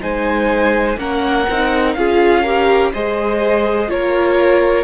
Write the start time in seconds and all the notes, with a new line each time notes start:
0.00 G#3 D#4 C5 G#5
0.97 A#3 C#4 A#4 F#5
1.49 C4 D#4
1.94 C#4 F4 G#4 F5
2.43 G4 A#4
2.93 G#3 G#4 C5 D#5
3.87 A#3 F4 A#4 C#5